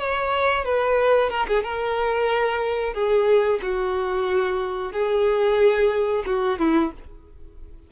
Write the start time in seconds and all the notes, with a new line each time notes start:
0.00 C#5
0.65 B4
1.30 A#4
1.48 G#4
1.64 A#4
2.94 G#4
3.62 F#4
4.92 G#4
6.26 F#4
6.59 E4